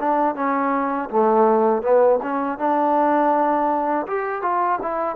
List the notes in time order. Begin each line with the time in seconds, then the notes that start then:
0.00 D4
0.35 C#4
1.10 A3
1.83 B3
2.23 C#4
2.59 D4
4.07 G4
4.42 F4
4.82 E4